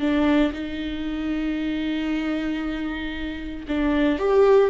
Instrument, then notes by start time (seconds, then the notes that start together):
viola
0.00 D4
0.53 D#4
3.68 D4
4.19 G4